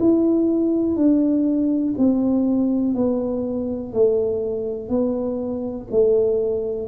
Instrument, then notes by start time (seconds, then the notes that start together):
tuba
0.00 E4
0.97 D4
1.99 C4
2.95 B3
3.93 A3
4.90 B3
5.92 A3